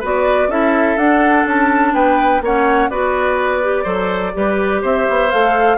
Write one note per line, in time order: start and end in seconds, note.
0.00 0.48 B3
0.00 0.50 F#4
0.00 0.48 B4
0.00 0.50 D5
0.48 0.96 C#4
0.48 0.98 E4
0.48 1.94 A4
0.48 0.97 E5
0.96 1.45 D4
0.96 2.43 D4
0.96 1.46 F#5
1.45 1.93 C#4
1.45 1.94 A5
1.93 2.41 B3
1.93 2.42 B4
1.93 2.42 G5
2.41 2.89 A#3
2.41 2.91 C#4
2.41 2.90 C#5
2.41 2.90 F#5
2.90 3.85 B3
2.90 3.62 F#4
2.90 3.83 B4
2.90 4.82 D5
3.62 3.85 G4
3.83 4.33 F#3
3.83 4.33 A4
3.83 4.32 C5
4.33 4.83 G3
4.33 5.29 G4
4.33 4.81 B4
4.81 5.07 C4
4.81 5.77 C5
4.81 5.31 E5
5.09 5.33 B3
5.30 5.77 A3
5.30 5.77 A4
5.30 5.77 F5